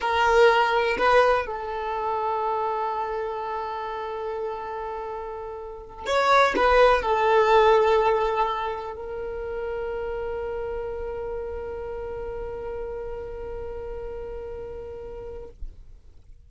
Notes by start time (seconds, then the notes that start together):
0.00 A#4
0.98 B4
1.46 A4
6.06 C#5
6.56 B4
7.02 A4
8.95 A#4